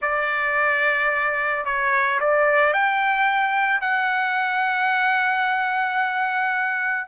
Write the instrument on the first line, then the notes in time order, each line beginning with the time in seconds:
trumpet
0.01 D5
1.65 C#5
2.19 D5
2.73 G5
3.80 F#5